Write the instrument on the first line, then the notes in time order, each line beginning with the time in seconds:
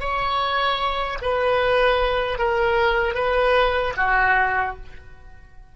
oboe
0.00 C#5
1.22 B4
2.38 A#4
3.15 B4
3.97 F#4